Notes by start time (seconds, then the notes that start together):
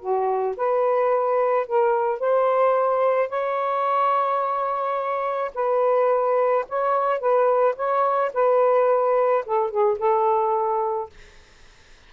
0.00 F#4
0.57 B4
1.66 A#4
2.20 C5
3.29 C#5
5.54 B4
6.69 C#5
7.19 B4
7.76 C#5
8.34 B4
9.45 A4
9.70 G#4
9.98 A4